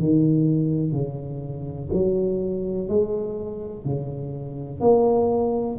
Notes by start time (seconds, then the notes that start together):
0.00 D#3
0.92 C#3
1.93 F#3
2.88 G#3
3.85 C#3
4.80 A#3